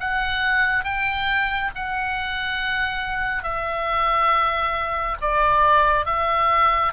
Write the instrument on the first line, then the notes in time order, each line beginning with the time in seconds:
oboe
0.00 F#5
0.84 G5
1.75 F#5
3.43 E5
5.21 D5
6.06 E5